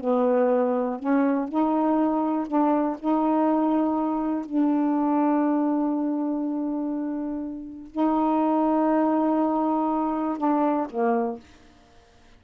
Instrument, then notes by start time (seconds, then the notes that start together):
saxophone
0.00 B3
0.99 C#4
1.48 D#4
2.47 D4
2.99 D#4
4.45 D4
7.91 D#4
10.38 D4
10.90 A#3